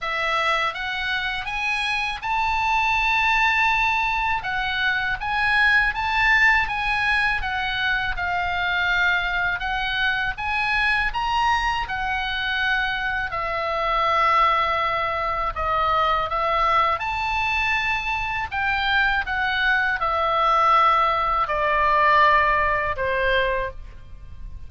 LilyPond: \new Staff \with { instrumentName = "oboe" } { \time 4/4 \tempo 4 = 81 e''4 fis''4 gis''4 a''4~ | a''2 fis''4 gis''4 | a''4 gis''4 fis''4 f''4~ | f''4 fis''4 gis''4 ais''4 |
fis''2 e''2~ | e''4 dis''4 e''4 a''4~ | a''4 g''4 fis''4 e''4~ | e''4 d''2 c''4 | }